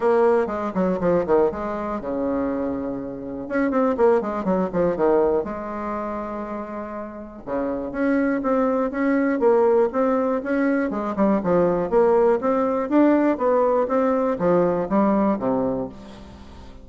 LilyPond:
\new Staff \with { instrumentName = "bassoon" } { \time 4/4 \tempo 4 = 121 ais4 gis8 fis8 f8 dis8 gis4 | cis2. cis'8 c'8 | ais8 gis8 fis8 f8 dis4 gis4~ | gis2. cis4 |
cis'4 c'4 cis'4 ais4 | c'4 cis'4 gis8 g8 f4 | ais4 c'4 d'4 b4 | c'4 f4 g4 c4 | }